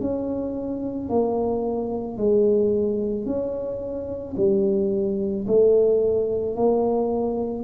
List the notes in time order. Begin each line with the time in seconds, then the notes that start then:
0.00 C#4
1.09 A#3
2.17 G#3
3.25 C#4
4.36 G3
5.47 A3
6.56 A#3